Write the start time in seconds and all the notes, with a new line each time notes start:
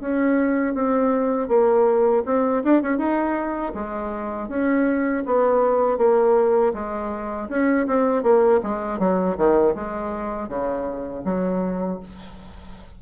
0.00 C#4
0.74 C4
1.48 A#3
2.25 C4
2.64 D4
2.82 C#4
2.98 D#4
3.74 G#3
4.49 C#4
5.26 B3
5.98 A#3
6.74 G#3
7.49 C#4
7.87 C4
8.23 A#3
8.63 G#3
8.99 F#3
9.37 D#3
9.75 G#3
10.49 C#3
11.24 F#3